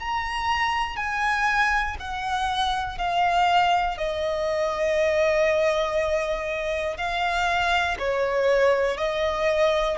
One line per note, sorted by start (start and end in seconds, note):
0.00 0.97 A#5
0.97 1.97 G#5
2.00 2.99 F#5
2.99 3.98 F5
3.98 6.97 D#5
6.97 7.97 F5
7.99 8.98 C#5
8.98 9.98 D#5